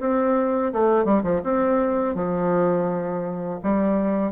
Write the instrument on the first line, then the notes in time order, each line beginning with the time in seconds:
bassoon
0.00 C4
0.73 A3
1.05 G3
1.23 F3
1.44 C4
2.15 F3
3.63 G3